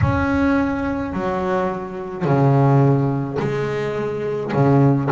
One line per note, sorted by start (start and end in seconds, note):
0.01 1.13 C#4
1.13 2.24 F#3
2.24 3.38 C#3
3.39 4.52 G#3
4.53 5.09 C#3